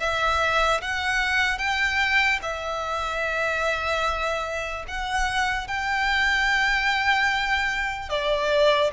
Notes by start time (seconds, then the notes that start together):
0.00 E5
0.81 F#5
1.58 G5
2.43 E5
4.88 F#5
5.68 G5
8.10 D5